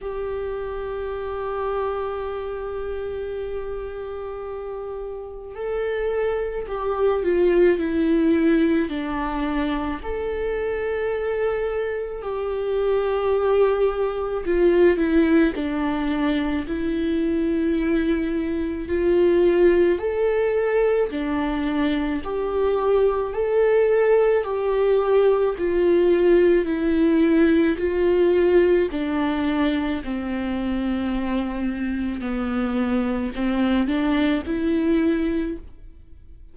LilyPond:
\new Staff \with { instrumentName = "viola" } { \time 4/4 \tempo 4 = 54 g'1~ | g'4 a'4 g'8 f'8 e'4 | d'4 a'2 g'4~ | g'4 f'8 e'8 d'4 e'4~ |
e'4 f'4 a'4 d'4 | g'4 a'4 g'4 f'4 | e'4 f'4 d'4 c'4~ | c'4 b4 c'8 d'8 e'4 | }